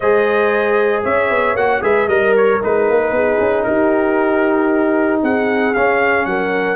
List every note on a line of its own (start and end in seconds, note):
0.00 1.04 G#3
0.00 1.56 G#4
0.00 1.03 C5
0.00 1.03 D#5
1.04 1.29 C#4
1.04 1.82 C#5
1.04 1.56 E5
1.29 1.53 B3
1.53 1.80 A#3
1.53 1.81 F#4
1.53 1.82 F#5
1.81 2.07 G#3
1.81 2.07 G#4
1.81 2.09 B4
1.81 2.08 E5
2.07 2.59 G3
2.07 2.60 A#4
2.07 3.14 A#4
2.07 2.34 D#5
2.36 2.62 C#5
2.62 2.89 G#3
2.62 5.75 D#4
2.62 3.63 B4
2.89 3.11 A#3
3.11 3.37 B3
3.11 3.66 G#4
3.39 3.65 C#4
3.63 5.22 D#4
3.63 5.21 G4
3.63 5.20 A#4
5.21 5.74 C4
5.21 6.26 G#4
5.21 5.73 F#5
5.73 6.25 C#4
5.73 6.75 C#4
5.73 6.25 F5
6.25 6.75 F#3
6.25 6.75 A#4
6.25 6.75 F#5